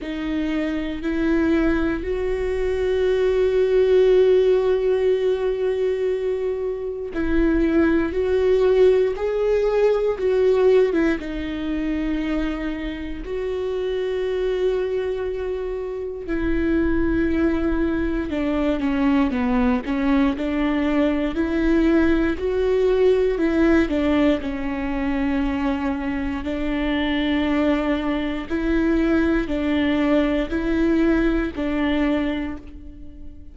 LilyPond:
\new Staff \with { instrumentName = "viola" } { \time 4/4 \tempo 4 = 59 dis'4 e'4 fis'2~ | fis'2. e'4 | fis'4 gis'4 fis'8. e'16 dis'4~ | dis'4 fis'2. |
e'2 d'8 cis'8 b8 cis'8 | d'4 e'4 fis'4 e'8 d'8 | cis'2 d'2 | e'4 d'4 e'4 d'4 | }